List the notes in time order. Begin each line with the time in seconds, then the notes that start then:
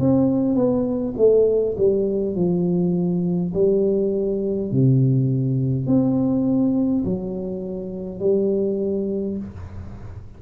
0.00 C4
0.56 B3
1.18 A3
1.78 G3
2.36 F3
3.55 G3
4.72 C3
5.87 C4
7.05 F#3
8.20 G3